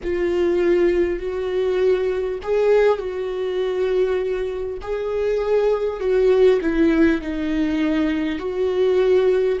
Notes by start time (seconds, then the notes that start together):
0.03 F4
1.19 F#4
2.43 G#4
2.98 F#4
4.81 G#4
5.99 F#4
6.61 E4
7.21 D#4
8.38 F#4